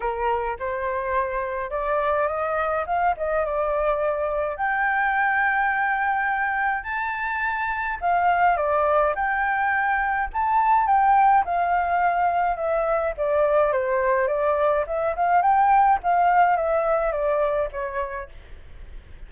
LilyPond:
\new Staff \with { instrumentName = "flute" } { \time 4/4 \tempo 4 = 105 ais'4 c''2 d''4 | dis''4 f''8 dis''8 d''2 | g''1 | a''2 f''4 d''4 |
g''2 a''4 g''4 | f''2 e''4 d''4 | c''4 d''4 e''8 f''8 g''4 | f''4 e''4 d''4 cis''4 | }